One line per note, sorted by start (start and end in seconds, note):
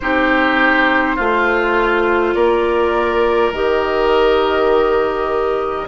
0.00 1.19 C4
0.00 1.18 D#4
0.00 1.16 G4
0.00 2.34 C5
1.16 2.34 A3
1.16 2.33 F4
1.16 3.53 F4
2.34 3.51 A#3
2.34 5.87 A#4
2.34 3.52 D5
3.51 5.87 D#3
3.51 5.87 G4
3.51 5.87 D#5